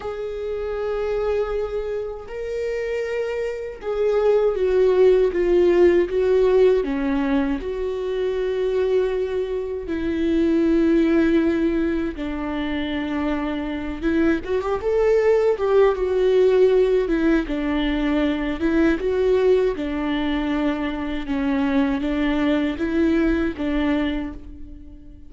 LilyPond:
\new Staff \with { instrumentName = "viola" } { \time 4/4 \tempo 4 = 79 gis'2. ais'4~ | ais'4 gis'4 fis'4 f'4 | fis'4 cis'4 fis'2~ | fis'4 e'2. |
d'2~ d'8 e'8 fis'16 g'16 a'8~ | a'8 g'8 fis'4. e'8 d'4~ | d'8 e'8 fis'4 d'2 | cis'4 d'4 e'4 d'4 | }